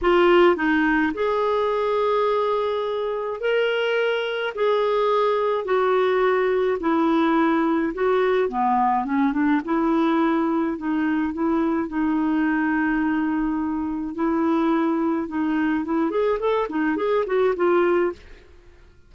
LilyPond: \new Staff \with { instrumentName = "clarinet" } { \time 4/4 \tempo 4 = 106 f'4 dis'4 gis'2~ | gis'2 ais'2 | gis'2 fis'2 | e'2 fis'4 b4 |
cis'8 d'8 e'2 dis'4 | e'4 dis'2.~ | dis'4 e'2 dis'4 | e'8 gis'8 a'8 dis'8 gis'8 fis'8 f'4 | }